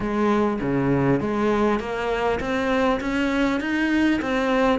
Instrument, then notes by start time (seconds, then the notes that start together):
cello
0.00 G#3
0.61 C#3
1.20 G#3
1.79 A#3
2.40 C4
3.00 C#4
3.60 D#4
4.21 C4